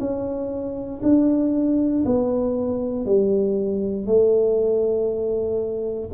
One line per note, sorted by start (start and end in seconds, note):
0.00 1.02 C#4
1.03 2.05 D4
2.06 3.06 B3
3.06 4.06 G3
4.06 6.10 A3